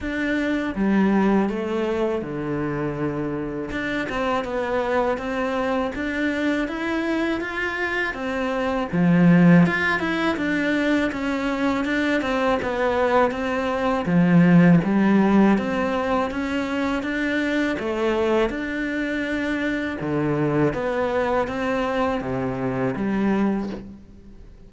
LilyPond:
\new Staff \with { instrumentName = "cello" } { \time 4/4 \tempo 4 = 81 d'4 g4 a4 d4~ | d4 d'8 c'8 b4 c'4 | d'4 e'4 f'4 c'4 | f4 f'8 e'8 d'4 cis'4 |
d'8 c'8 b4 c'4 f4 | g4 c'4 cis'4 d'4 | a4 d'2 d4 | b4 c'4 c4 g4 | }